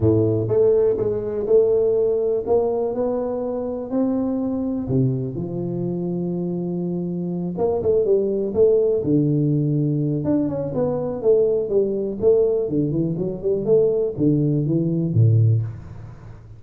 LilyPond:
\new Staff \with { instrumentName = "tuba" } { \time 4/4 \tempo 4 = 123 a,4 a4 gis4 a4~ | a4 ais4 b2 | c'2 c4 f4~ | f2.~ f8 ais8 |
a8 g4 a4 d4.~ | d4 d'8 cis'8 b4 a4 | g4 a4 d8 e8 fis8 g8 | a4 d4 e4 a,4 | }